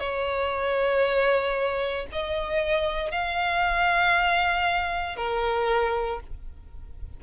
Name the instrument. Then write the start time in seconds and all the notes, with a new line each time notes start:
violin
0.00 C#5
2.12 D#5
3.11 F5
5.17 A#4